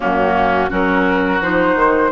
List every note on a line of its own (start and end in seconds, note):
0.00 0.71 F#2
0.00 0.69 A#3
0.00 0.70 C#4
0.00 0.71 F#4
0.69 1.40 F#3
0.69 1.40 C#4
0.69 2.11 F#4
0.69 1.42 A#4
1.40 1.75 F3
1.40 2.11 D#4
1.40 2.11 C5
1.75 2.10 D#3